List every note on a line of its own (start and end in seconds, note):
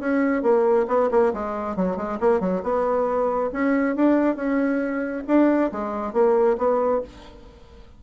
0.00 0.43 C#4
0.43 0.87 A#3
0.88 1.10 B3
1.11 1.33 A#3
1.34 1.76 G#3
1.76 1.97 F#3
1.97 2.19 G#3
2.20 2.41 A#3
2.41 2.63 F#3
2.63 3.51 B3
3.53 3.96 C#4
3.96 4.36 D4
4.36 5.24 C#4
5.28 5.71 D4
5.72 6.13 G#3
6.13 6.57 A#3
6.58 7.02 B3